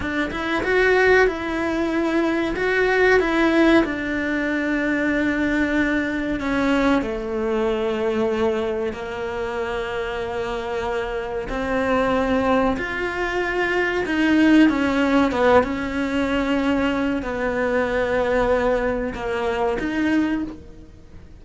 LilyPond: \new Staff \with { instrumentName = "cello" } { \time 4/4 \tempo 4 = 94 d'8 e'8 fis'4 e'2 | fis'4 e'4 d'2~ | d'2 cis'4 a4~ | a2 ais2~ |
ais2 c'2 | f'2 dis'4 cis'4 | b8 cis'2~ cis'8 b4~ | b2 ais4 dis'4 | }